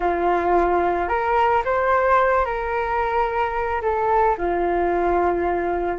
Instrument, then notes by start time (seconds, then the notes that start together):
flute
0.00 F4
1.08 A#4
1.64 C5
2.45 A#4
3.82 A4
4.37 F4